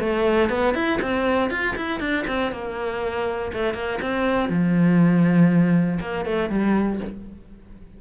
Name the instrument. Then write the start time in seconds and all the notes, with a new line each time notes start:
cello
0.00 A3
0.50 B3
0.75 E4
1.02 C4
1.51 F4
1.77 E4
2.00 D4
2.27 C4
2.52 A#3
3.53 A3
3.74 A#3
4.02 C4
4.50 F3
6.01 A#3
6.25 A3
6.50 G3